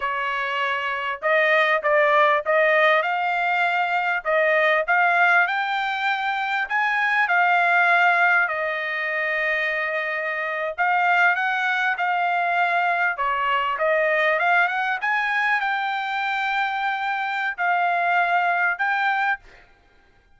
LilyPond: \new Staff \with { instrumentName = "trumpet" } { \time 4/4 \tempo 4 = 99 cis''2 dis''4 d''4 | dis''4 f''2 dis''4 | f''4 g''2 gis''4 | f''2 dis''2~ |
dis''4.~ dis''16 f''4 fis''4 f''16~ | f''4.~ f''16 cis''4 dis''4 f''16~ | f''16 fis''8 gis''4 g''2~ g''16~ | g''4 f''2 g''4 | }